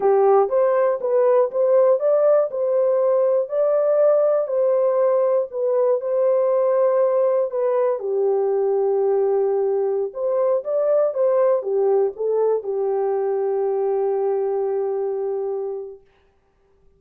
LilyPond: \new Staff \with { instrumentName = "horn" } { \time 4/4 \tempo 4 = 120 g'4 c''4 b'4 c''4 | d''4 c''2 d''4~ | d''4 c''2 b'4 | c''2. b'4 |
g'1~ | g'16 c''4 d''4 c''4 g'8.~ | g'16 a'4 g'2~ g'8.~ | g'1 | }